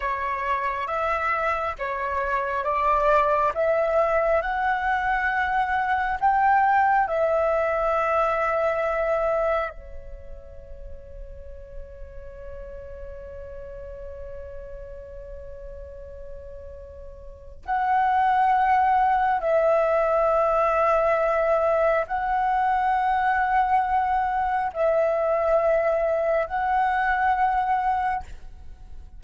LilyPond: \new Staff \with { instrumentName = "flute" } { \time 4/4 \tempo 4 = 68 cis''4 e''4 cis''4 d''4 | e''4 fis''2 g''4 | e''2. cis''4~ | cis''1~ |
cis''1 | fis''2 e''2~ | e''4 fis''2. | e''2 fis''2 | }